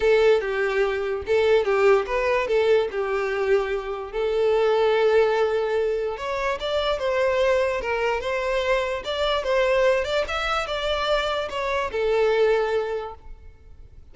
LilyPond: \new Staff \with { instrumentName = "violin" } { \time 4/4 \tempo 4 = 146 a'4 g'2 a'4 | g'4 b'4 a'4 g'4~ | g'2 a'2~ | a'2. cis''4 |
d''4 c''2 ais'4 | c''2 d''4 c''4~ | c''8 d''8 e''4 d''2 | cis''4 a'2. | }